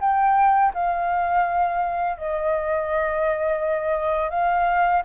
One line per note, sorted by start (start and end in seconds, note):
0.00 0.72 G5
0.74 2.17 F5
2.17 4.30 D#5
4.30 5.02 F5